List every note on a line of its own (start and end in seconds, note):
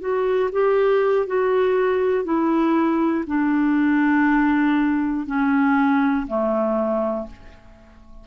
0.00 0.50 F#4
0.52 1.27 G4
1.27 2.24 F#4
2.24 3.24 E4
3.26 5.26 D4
5.26 6.26 C#4
6.26 7.26 A3